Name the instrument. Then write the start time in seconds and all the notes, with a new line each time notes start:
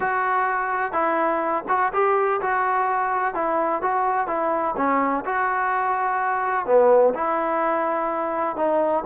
trombone
0.00 F#4
0.92 E4
1.68 F#4
1.93 G4
2.41 F#4
3.34 E4
3.82 F#4
4.27 E4
4.76 C#4
5.25 F#4
6.66 B3
7.14 E4
8.56 D#4